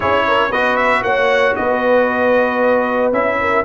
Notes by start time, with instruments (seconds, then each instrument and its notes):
0.00 tuba C#4, trombone E4, horn G#4, trumpet C#5
0.27 horn A#4
0.49 tuba B3, trombone F#4, horn B4, trumpet D#5
0.76 trumpet E5
1.03 tuba A#3, horn C#5, trumpet F#5
1.55 tuba B3, horn B4, trumpet D#5
3.12 tuba C#4, trombone E4, trumpet E5
3.40 horn A#4